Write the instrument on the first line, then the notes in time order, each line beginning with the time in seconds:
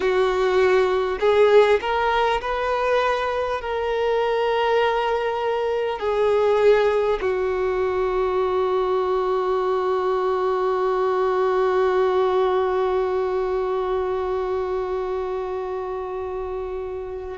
violin
0.00 F#4
1.19 G#4
1.81 A#4
2.41 B4
3.61 A#4
5.99 G#4
7.21 F#4